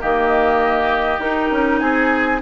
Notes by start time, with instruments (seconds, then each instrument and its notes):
0.00 bassoon D#3, clarinet A#3, oboe G4, flute D#5
1.19 bassoon D#4, clarinet D#4, flute A#4
1.51 bassoon C#4
1.79 bassoon C4, oboe G#4, flute G#5